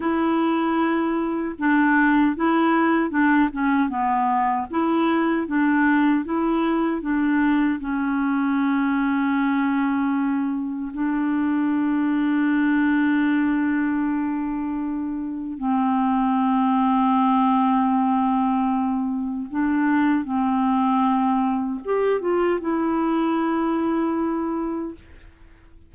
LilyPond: \new Staff \with { instrumentName = "clarinet" } { \time 4/4 \tempo 4 = 77 e'2 d'4 e'4 | d'8 cis'8 b4 e'4 d'4 | e'4 d'4 cis'2~ | cis'2 d'2~ |
d'1 | c'1~ | c'4 d'4 c'2 | g'8 f'8 e'2. | }